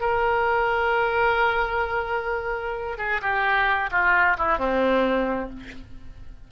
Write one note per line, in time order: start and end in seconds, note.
0.00 2.98 A#4
2.98 3.21 G#4
3.21 3.90 G4
3.91 4.37 F4
4.38 4.58 E4
4.58 5.50 C4